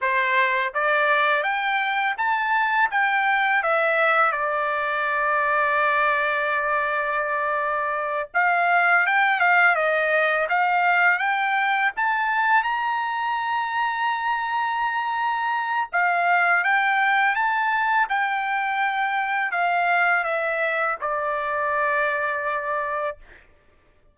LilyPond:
\new Staff \with { instrumentName = "trumpet" } { \time 4/4 \tempo 4 = 83 c''4 d''4 g''4 a''4 | g''4 e''4 d''2~ | d''2.~ d''8 f''8~ | f''8 g''8 f''8 dis''4 f''4 g''8~ |
g''8 a''4 ais''2~ ais''8~ | ais''2 f''4 g''4 | a''4 g''2 f''4 | e''4 d''2. | }